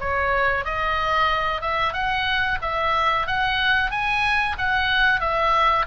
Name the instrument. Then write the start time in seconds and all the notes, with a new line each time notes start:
oboe
0.00 C#5
0.64 D#5
1.61 E5
1.93 F#5
2.61 E5
3.26 F#5
3.90 G#5
4.58 F#5
5.20 E5